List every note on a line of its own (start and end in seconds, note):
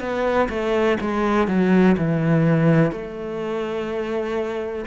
0.00 0.48 B3
0.49 0.98 A3
1.01 1.47 G#3
1.47 1.96 F#3
1.98 2.92 E3
2.92 4.85 A3